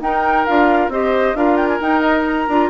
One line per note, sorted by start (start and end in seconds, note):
0.00 0.45 D#4
0.00 0.47 D#4
0.00 0.92 A#4
0.00 0.46 G5
0.46 0.89 D4
0.46 0.91 F4
0.46 0.91 F5
0.89 1.34 C4
0.89 1.36 G4
0.89 1.37 C5
0.89 1.36 D#5
1.34 1.80 D4
1.34 1.80 F4
1.34 2.70 A#4
1.34 1.57 F5
1.57 1.68 G5
1.68 1.80 G#5
1.80 2.48 D#4
1.80 2.01 G5
2.01 2.24 D#5
2.27 2.70 A#5
2.48 2.70 D4
2.48 2.70 F4